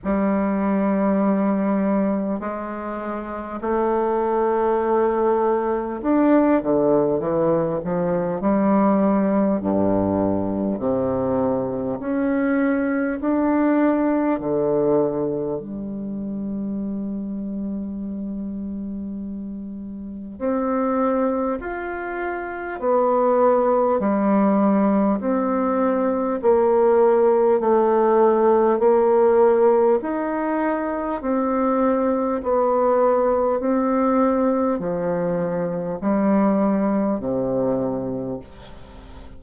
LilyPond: \new Staff \with { instrumentName = "bassoon" } { \time 4/4 \tempo 4 = 50 g2 gis4 a4~ | a4 d'8 d8 e8 f8 g4 | g,4 c4 cis'4 d'4 | d4 g2.~ |
g4 c'4 f'4 b4 | g4 c'4 ais4 a4 | ais4 dis'4 c'4 b4 | c'4 f4 g4 c4 | }